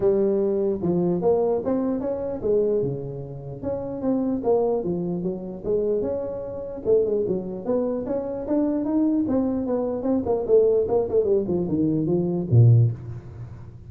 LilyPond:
\new Staff \with { instrumentName = "tuba" } { \time 4/4 \tempo 4 = 149 g2 f4 ais4 | c'4 cis'4 gis4 cis4~ | cis4 cis'4 c'4 ais4 | f4 fis4 gis4 cis'4~ |
cis'4 a8 gis8 fis4 b4 | cis'4 d'4 dis'4 c'4 | b4 c'8 ais8 a4 ais8 a8 | g8 f8 dis4 f4 ais,4 | }